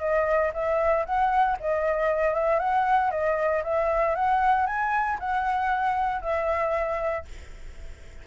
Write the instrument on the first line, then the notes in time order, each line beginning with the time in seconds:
flute
0.00 D#5
0.54 E5
1.06 F#5
1.60 D#5
2.35 E5
2.60 F#5
3.11 D#5
3.64 E5
4.16 F#5
4.67 G#5
5.20 F#5
6.22 E5